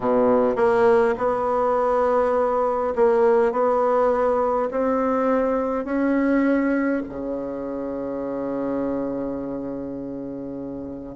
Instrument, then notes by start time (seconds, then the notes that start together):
bassoon
0.00 B2
0.56 A#3
1.17 B3
2.95 A#3
3.52 B3
4.70 C4
5.84 C#4
7.09 C#3